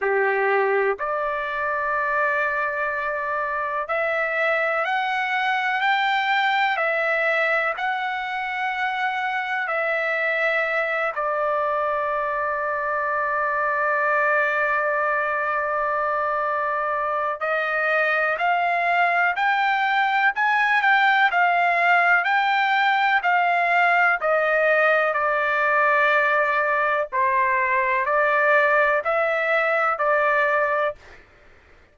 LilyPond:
\new Staff \with { instrumentName = "trumpet" } { \time 4/4 \tempo 4 = 62 g'4 d''2. | e''4 fis''4 g''4 e''4 | fis''2 e''4. d''8~ | d''1~ |
d''2 dis''4 f''4 | g''4 gis''8 g''8 f''4 g''4 | f''4 dis''4 d''2 | c''4 d''4 e''4 d''4 | }